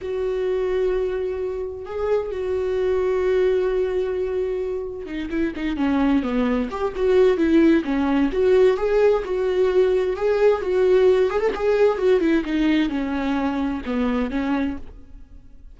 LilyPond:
\new Staff \with { instrumentName = "viola" } { \time 4/4 \tempo 4 = 130 fis'1 | gis'4 fis'2.~ | fis'2. dis'8 e'8 | dis'8 cis'4 b4 g'8 fis'4 |
e'4 cis'4 fis'4 gis'4 | fis'2 gis'4 fis'4~ | fis'8 gis'16 a'16 gis'4 fis'8 e'8 dis'4 | cis'2 b4 cis'4 | }